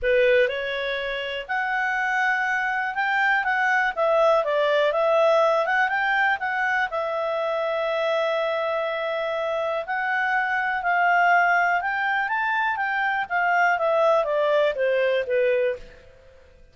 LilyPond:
\new Staff \with { instrumentName = "clarinet" } { \time 4/4 \tempo 4 = 122 b'4 cis''2 fis''4~ | fis''2 g''4 fis''4 | e''4 d''4 e''4. fis''8 | g''4 fis''4 e''2~ |
e''1 | fis''2 f''2 | g''4 a''4 g''4 f''4 | e''4 d''4 c''4 b'4 | }